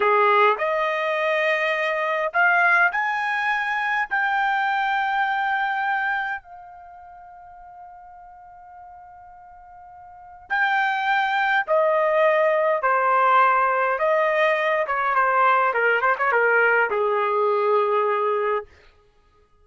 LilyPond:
\new Staff \with { instrumentName = "trumpet" } { \time 4/4 \tempo 4 = 103 gis'4 dis''2. | f''4 gis''2 g''4~ | g''2. f''4~ | f''1~ |
f''2 g''2 | dis''2 c''2 | dis''4. cis''8 c''4 ais'8 c''16 cis''16 | ais'4 gis'2. | }